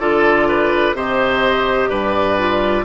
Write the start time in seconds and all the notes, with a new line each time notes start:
0.00 D3 F4 A4 D5
0.49 B4
0.94 C3 G4 C5 D#5
1.90 G2 B4 D5
2.39 F4